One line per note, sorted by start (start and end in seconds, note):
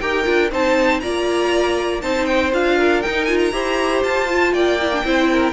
0.00 0.27 D#4
0.00 0.25 G4
0.00 0.51 A#4
0.00 0.50 G5
0.25 0.52 D4
0.25 0.50 F4
0.51 1.03 C4
0.51 1.03 D#4
0.51 1.02 C5
0.51 1.00 A5
1.00 2.03 A#3
1.00 2.02 F4
1.00 2.03 D5
1.00 2.01 A#5
2.02 2.53 C4
2.02 2.52 D#4
2.02 2.78 C5
2.02 2.26 A5
2.26 2.51 G5
2.53 3.04 D4
2.53 3.03 F4
2.53 3.03 F5
2.78 3.53 A#4
3.03 3.28 D#4
3.03 3.53 D#4
3.03 3.25 G5
3.25 3.52 F4
3.25 3.38 G#5
3.40 4.03 A#5
3.52 4.03 E4
3.52 4.28 G4
3.52 4.54 C5
4.04 4.53 F4
4.04 4.54 A5
4.30 4.80 F4
4.53 5.04 A#3
4.53 5.04 D5
4.53 5.53 G5
4.81 4.93 E4
4.93 5.05 D4
5.05 5.53 C4
5.05 5.53 E4
5.05 5.30 C5
5.31 5.53 A#4